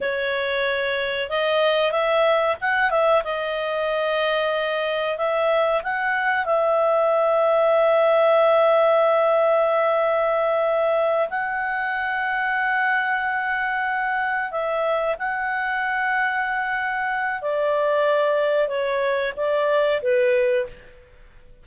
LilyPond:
\new Staff \with { instrumentName = "clarinet" } { \time 4/4 \tempo 4 = 93 cis''2 dis''4 e''4 | fis''8 e''8 dis''2. | e''4 fis''4 e''2~ | e''1~ |
e''4. fis''2~ fis''8~ | fis''2~ fis''8 e''4 fis''8~ | fis''2. d''4~ | d''4 cis''4 d''4 b'4 | }